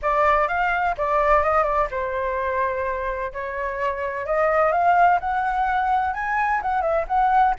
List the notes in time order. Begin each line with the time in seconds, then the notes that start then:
0.02 D5
0.47 F5
0.97 D5
1.43 D#5
1.63 D5
1.90 C5
3.33 C#5
4.26 D#5
4.72 F5
5.19 F#5
6.13 G#5
6.62 F#5
6.81 E5
7.07 F#5